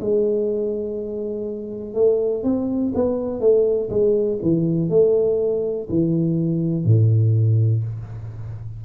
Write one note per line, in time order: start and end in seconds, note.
0.00 1.94 G#3
1.94 2.43 A3
2.43 2.92 C4
2.95 3.40 B3
3.40 3.89 A3
3.89 4.39 G#3
4.42 4.89 E3
4.89 5.87 A3
5.89 6.85 E3
6.85 7.83 A2